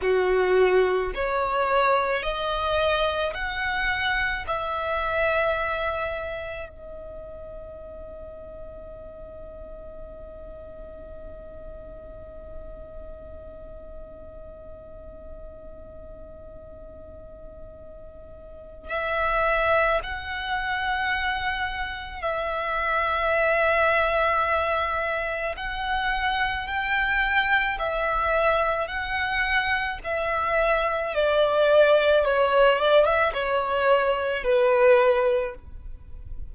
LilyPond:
\new Staff \with { instrumentName = "violin" } { \time 4/4 \tempo 4 = 54 fis'4 cis''4 dis''4 fis''4 | e''2 dis''2~ | dis''1~ | dis''1~ |
dis''4 e''4 fis''2 | e''2. fis''4 | g''4 e''4 fis''4 e''4 | d''4 cis''8 d''16 e''16 cis''4 b'4 | }